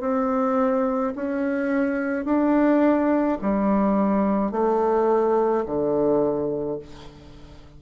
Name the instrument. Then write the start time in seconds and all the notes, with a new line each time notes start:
bassoon
0.00 C4
1.15 C#4
2.25 D4
3.41 G3
4.51 A3
5.66 D3